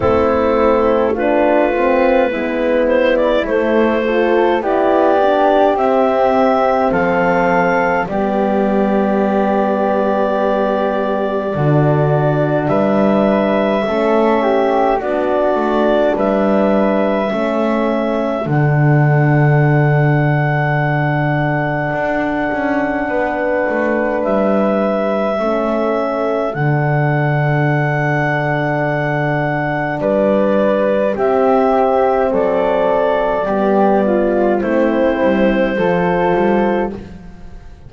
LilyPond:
<<
  \new Staff \with { instrumentName = "clarinet" } { \time 4/4 \tempo 4 = 52 a'4 b'4. c''16 d''16 c''4 | d''4 e''4 f''4 d''4~ | d''2. e''4~ | e''4 d''4 e''2 |
fis''1~ | fis''4 e''2 fis''4~ | fis''2 d''4 e''4 | d''2 c''2 | }
  \new Staff \with { instrumentName = "flute" } { \time 4/4 e'4 f'4 e'4. a'8 | g'2 a'4 g'4~ | g'2 fis'4 b'4 | a'8 g'8 fis'4 b'4 a'4~ |
a'1 | b'2 a'2~ | a'2 b'4 g'4 | a'4 g'8 f'8 e'4 a'4 | }
  \new Staff \with { instrumentName = "horn" } { \time 4/4 c'4 d'8 c'8 b4 a8 f'8 | e'8 d'8 c'2 b4~ | b2 d'2 | cis'4 d'2 cis'4 |
d'1~ | d'2 cis'4 d'4~ | d'2. c'4~ | c'4 b4 c'4 f'4 | }
  \new Staff \with { instrumentName = "double bass" } { \time 4/4 a2 gis4 a4 | b4 c'4 f4 g4~ | g2 d4 g4 | a4 b8 a8 g4 a4 |
d2. d'8 cis'8 | b8 a8 g4 a4 d4~ | d2 g4 c'4 | fis4 g4 a8 g8 f8 g8 | }
>>